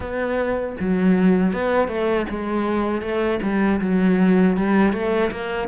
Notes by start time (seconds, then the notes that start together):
0.00 B3
0.80 F#3
1.52 B3
1.87 A3
2.29 G#3
3.01 A3
3.42 G3
3.80 F#3
4.56 G3
4.93 A3
5.31 A#3